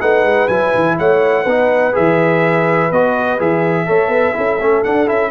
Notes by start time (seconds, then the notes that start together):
0.00 A3 D#4 B4 F#5
0.22 G#3
0.48 F#3 E4 G#5
0.74 E3
0.98 A3 C#5 F#5
1.43 B3 D#4 B4
1.92 E3 G#4 E5
2.91 B3 F#4 D#5
3.38 E3 G#4 E5
3.86 A3 A4 C#5
4.08 B3 B4
4.33 C#4 E4 A4
4.59 A3 C#4
4.84 D4 F#5
5.06 C#4 E4 E5